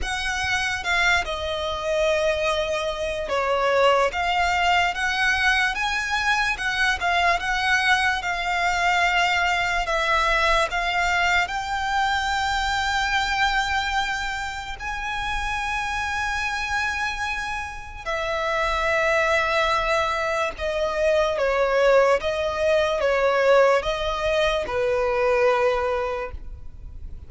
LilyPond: \new Staff \with { instrumentName = "violin" } { \time 4/4 \tempo 4 = 73 fis''4 f''8 dis''2~ dis''8 | cis''4 f''4 fis''4 gis''4 | fis''8 f''8 fis''4 f''2 | e''4 f''4 g''2~ |
g''2 gis''2~ | gis''2 e''2~ | e''4 dis''4 cis''4 dis''4 | cis''4 dis''4 b'2 | }